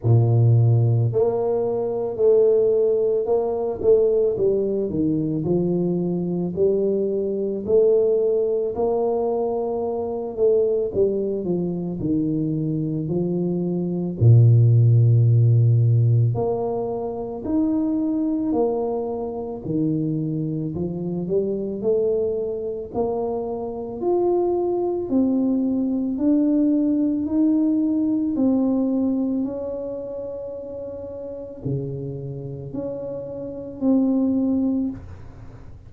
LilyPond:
\new Staff \with { instrumentName = "tuba" } { \time 4/4 \tempo 4 = 55 ais,4 ais4 a4 ais8 a8 | g8 dis8 f4 g4 a4 | ais4. a8 g8 f8 dis4 | f4 ais,2 ais4 |
dis'4 ais4 dis4 f8 g8 | a4 ais4 f'4 c'4 | d'4 dis'4 c'4 cis'4~ | cis'4 cis4 cis'4 c'4 | }